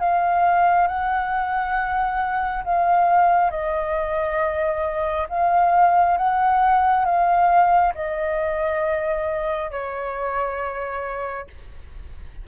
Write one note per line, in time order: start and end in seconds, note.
0.00 0.87 F5
0.87 2.64 F#5
2.64 3.51 F5
3.51 5.27 D#5
5.29 6.18 F5
6.18 7.05 F#5
7.05 7.94 F5
7.95 9.71 D#5
9.71 11.47 C#5